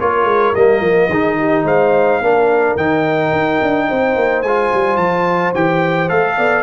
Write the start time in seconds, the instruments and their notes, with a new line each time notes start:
0.00 tuba A#3, trombone F4, horn A#4, trumpet C#5
0.25 tuba G#3
0.55 tuba G3, trombone A#3, trumpet D#5
0.81 tuba F3
1.09 tuba D#3, trombone D#4, horn G#4
1.38 horn G4
1.64 tuba G#3, horn C5, trumpet F5
2.20 tuba A#3, trombone D4, horn A#4
2.77 tuba D#3, trombone D#4, trumpet G5
3.33 tuba D#4
3.62 tuba D4
3.89 tuba C4, horn C5
4.16 tuba A#3
4.43 tuba G#3, trombone F4, trumpet G#5
4.74 tuba G3
4.97 tuba F3, trumpet A5
5.55 tuba E3, trombone G4, trumpet G5
6.09 tuba A3, trombone A4, trumpet F5
6.37 tuba B3, horn D5